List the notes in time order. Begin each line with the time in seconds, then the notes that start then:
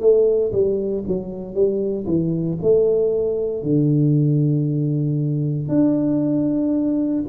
0.00 A3
0.52 G3
1.07 F#3
1.54 G3
2.06 E3
2.62 A3
3.63 D3
5.68 D4